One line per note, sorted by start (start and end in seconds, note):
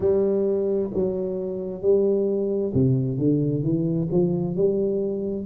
0.00 0.90 G3
0.93 1.81 F#3
1.81 2.72 G3
2.74 3.18 C3
3.18 3.63 D3
3.63 4.08 E3
4.12 4.55 F3
4.55 5.45 G3